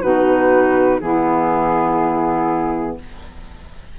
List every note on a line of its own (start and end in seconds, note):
0.00 1.00 B2
0.00 1.00 D#4
0.00 0.98 F#4
0.00 1.00 B4
1.00 2.97 E3
1.00 2.99 B3
1.00 2.98 E4
1.00 2.97 G#4